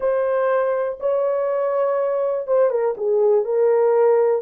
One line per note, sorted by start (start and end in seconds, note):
0.00 0.98 C5
1.00 2.47 C#5
2.47 2.70 C5
2.70 2.94 A#4
2.97 3.44 G#4
3.44 4.42 A#4